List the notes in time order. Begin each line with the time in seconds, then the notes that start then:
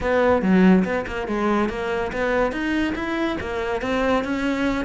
0.00 B3
0.41 F#3
0.84 B3
1.07 A#3
1.27 G#3
1.69 A#3
2.12 B3
2.51 D#4
2.95 E4
3.40 A#3
3.81 C4
4.24 C#4